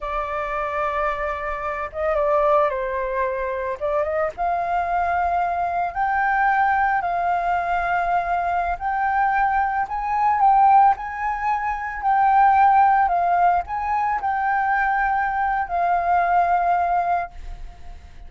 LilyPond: \new Staff \with { instrumentName = "flute" } { \time 4/4 \tempo 4 = 111 d''2.~ d''8 dis''8 | d''4 c''2 d''8 dis''8 | f''2. g''4~ | g''4 f''2.~ |
f''16 g''2 gis''4 g''8.~ | g''16 gis''2 g''4.~ g''16~ | g''16 f''4 gis''4 g''4.~ g''16~ | g''4 f''2. | }